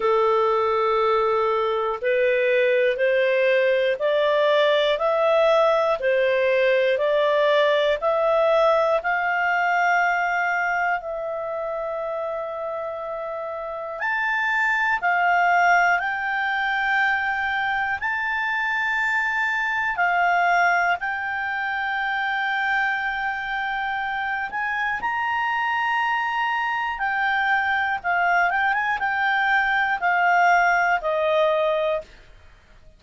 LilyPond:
\new Staff \with { instrumentName = "clarinet" } { \time 4/4 \tempo 4 = 60 a'2 b'4 c''4 | d''4 e''4 c''4 d''4 | e''4 f''2 e''4~ | e''2 a''4 f''4 |
g''2 a''2 | f''4 g''2.~ | g''8 gis''8 ais''2 g''4 | f''8 g''16 gis''16 g''4 f''4 dis''4 | }